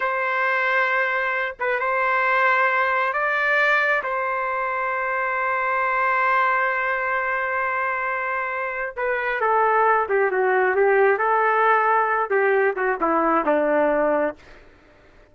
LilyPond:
\new Staff \with { instrumentName = "trumpet" } { \time 4/4 \tempo 4 = 134 c''2.~ c''8 b'8 | c''2. d''4~ | d''4 c''2.~ | c''1~ |
c''1 | b'4 a'4. g'8 fis'4 | g'4 a'2~ a'8 g'8~ | g'8 fis'8 e'4 d'2 | }